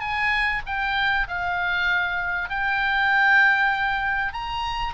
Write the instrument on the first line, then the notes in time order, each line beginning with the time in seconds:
oboe
0.00 G#5
0.66 G5
1.27 F5
2.49 G5
4.33 A#5